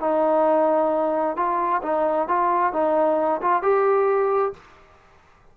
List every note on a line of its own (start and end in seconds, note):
0.00 1.36 D#4
1.36 1.82 F4
1.82 2.28 D#4
2.28 2.73 F4
2.73 3.41 D#4
3.42 3.62 F4
3.62 4.53 G4